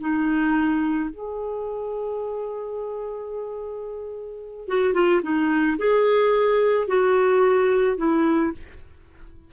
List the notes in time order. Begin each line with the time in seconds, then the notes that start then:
0.00 D#4
1.10 G#4
4.68 F#4
4.94 F4
5.22 D#4
5.78 G#4
6.88 F#4
7.97 E4